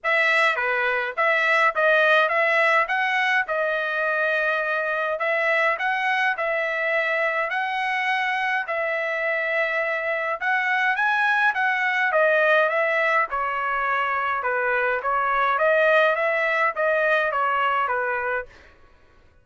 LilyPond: \new Staff \with { instrumentName = "trumpet" } { \time 4/4 \tempo 4 = 104 e''4 b'4 e''4 dis''4 | e''4 fis''4 dis''2~ | dis''4 e''4 fis''4 e''4~ | e''4 fis''2 e''4~ |
e''2 fis''4 gis''4 | fis''4 dis''4 e''4 cis''4~ | cis''4 b'4 cis''4 dis''4 | e''4 dis''4 cis''4 b'4 | }